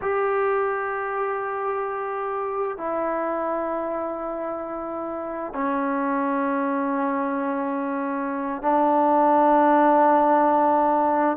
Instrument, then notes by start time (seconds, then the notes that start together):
trombone
0.01 G4
2.77 E4
5.53 C#4
8.62 D4